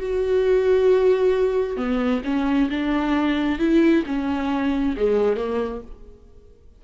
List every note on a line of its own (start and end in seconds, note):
0.00 1.77 F#4
1.77 2.21 B3
2.24 2.69 C#4
2.70 3.59 D4
3.59 4.04 E4
4.06 4.96 C#4
4.97 5.36 G#3
5.36 5.81 A#3